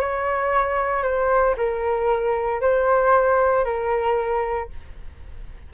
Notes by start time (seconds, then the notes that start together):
0.00 C#5
1.03 C5
1.57 A#4
2.61 C5
3.65 A#4